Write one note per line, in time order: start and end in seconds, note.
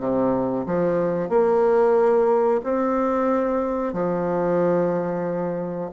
0.00 0.66 C3
0.67 1.30 F3
1.30 2.62 A#3
2.64 3.94 C4
3.94 5.92 F3